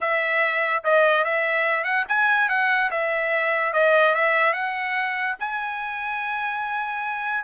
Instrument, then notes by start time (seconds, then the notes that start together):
trumpet
0.00 E5
0.84 D#5
1.24 E5
1.84 F#5
2.08 G#5
2.48 F#5
2.90 E5
3.73 D#5
4.14 E5
4.53 F#5
5.39 G#5